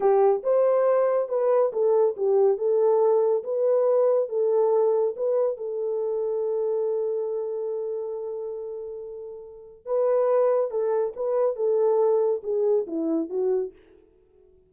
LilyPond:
\new Staff \with { instrumentName = "horn" } { \time 4/4 \tempo 4 = 140 g'4 c''2 b'4 | a'4 g'4 a'2 | b'2 a'2 | b'4 a'2.~ |
a'1~ | a'2. b'4~ | b'4 a'4 b'4 a'4~ | a'4 gis'4 e'4 fis'4 | }